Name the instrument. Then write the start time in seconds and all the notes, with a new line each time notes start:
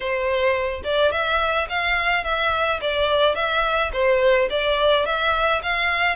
violin
0.00 C5
0.84 D5
1.11 E5
1.69 F5
2.24 E5
2.81 D5
3.35 E5
3.93 C5
4.49 D5
5.05 E5
5.63 F5